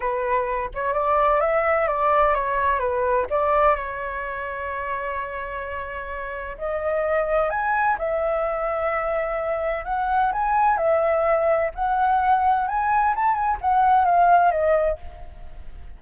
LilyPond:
\new Staff \with { instrumentName = "flute" } { \time 4/4 \tempo 4 = 128 b'4. cis''8 d''4 e''4 | d''4 cis''4 b'4 d''4 | cis''1~ | cis''2 dis''2 |
gis''4 e''2.~ | e''4 fis''4 gis''4 e''4~ | e''4 fis''2 gis''4 | a''8 gis''8 fis''4 f''4 dis''4 | }